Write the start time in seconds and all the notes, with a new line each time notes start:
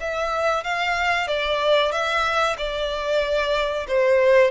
0.00 E5
0.64 F5
1.28 D5
1.92 E5
2.57 D5
3.88 C5